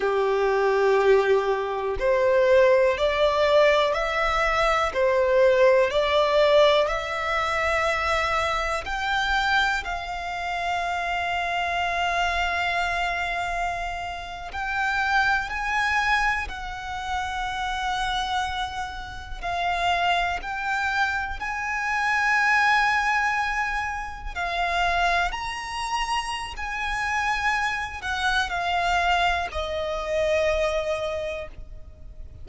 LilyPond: \new Staff \with { instrumentName = "violin" } { \time 4/4 \tempo 4 = 61 g'2 c''4 d''4 | e''4 c''4 d''4 e''4~ | e''4 g''4 f''2~ | f''2~ f''8. g''4 gis''16~ |
gis''8. fis''2. f''16~ | f''8. g''4 gis''2~ gis''16~ | gis''8. f''4 ais''4~ ais''16 gis''4~ | gis''8 fis''8 f''4 dis''2 | }